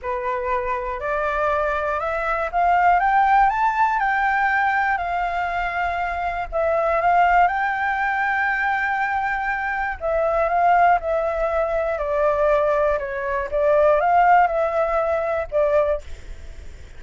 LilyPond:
\new Staff \with { instrumentName = "flute" } { \time 4/4 \tempo 4 = 120 b'2 d''2 | e''4 f''4 g''4 a''4 | g''2 f''2~ | f''4 e''4 f''4 g''4~ |
g''1 | e''4 f''4 e''2 | d''2 cis''4 d''4 | f''4 e''2 d''4 | }